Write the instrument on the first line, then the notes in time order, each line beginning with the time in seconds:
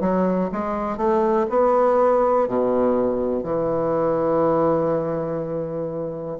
bassoon
0.00 F#3
0.51 G#3
0.97 A3
1.49 B3
2.48 B2
3.43 E3